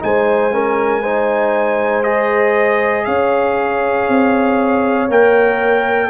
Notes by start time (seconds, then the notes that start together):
0.00 G#3 D#4 C5 G#5
0.52 C#4 A#4
1.02 D#4 C5
2.04 G#4 D#5
3.05 C#4 C#5 F5
4.08 C4
5.10 A#3 A#4 G5